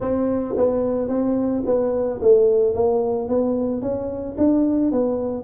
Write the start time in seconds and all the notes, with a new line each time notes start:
0.00 C4
0.56 B3
1.08 C4
1.65 B3
2.21 A3
2.73 A#3
3.28 B3
3.81 C#4
4.37 D4
4.91 B3